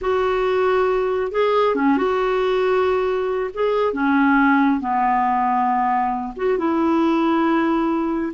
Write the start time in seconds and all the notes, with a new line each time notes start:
0.01 F#4
1.31 G#4
1.75 C#4
1.97 F#4
3.54 G#4
3.93 C#4
4.80 B3
6.36 F#4
6.58 E4